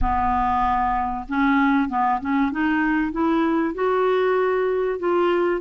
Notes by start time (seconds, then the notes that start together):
0.01 B3
1.28 C#4
1.89 B3
2.20 C#4
2.51 D#4
3.12 E4
3.74 F#4
4.99 F4